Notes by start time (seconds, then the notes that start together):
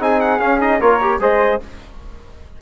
0.00 C4 D#4 G#4 G#5
0.21 F#5
0.40 C#4 F5
0.61 D#4 D#5
0.80 A#3 F4 A#4 C#5
1.01 G4
1.20 G#3 G#4 C5 D#5